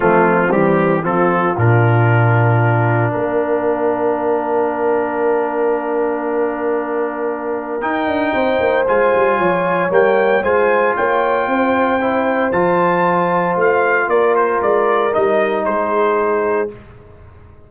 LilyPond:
<<
  \new Staff \with { instrumentName = "trumpet" } { \time 4/4 \tempo 4 = 115 f'4 g'4 a'4 ais'4~ | ais'2 f''2~ | f''1~ | f''2. g''4~ |
g''4 gis''2 g''4 | gis''4 g''2. | a''2 f''4 d''8 c''8 | d''4 dis''4 c''2 | }
  \new Staff \with { instrumentName = "horn" } { \time 4/4 c'2 f'2~ | f'2 ais'2~ | ais'1~ | ais'1 |
c''2 cis''2 | c''4 cis''4 c''2~ | c''2. ais'4~ | ais'2 gis'2 | }
  \new Staff \with { instrumentName = "trombone" } { \time 4/4 a4 g4 c'4 d'4~ | d'1~ | d'1~ | d'2. dis'4~ |
dis'4 f'2 ais4 | f'2. e'4 | f'1~ | f'4 dis'2. | }
  \new Staff \with { instrumentName = "tuba" } { \time 4/4 f4 e4 f4 ais,4~ | ais,2 ais2~ | ais1~ | ais2. dis'8 d'8 |
c'8 ais8 gis8 g8 f4 g4 | gis4 ais4 c'2 | f2 a4 ais4 | gis4 g4 gis2 | }
>>